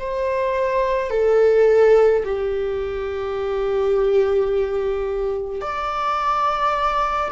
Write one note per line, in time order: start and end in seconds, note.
0.00 1.11 C5
1.11 2.24 A4
2.24 5.61 G4
5.61 7.31 D5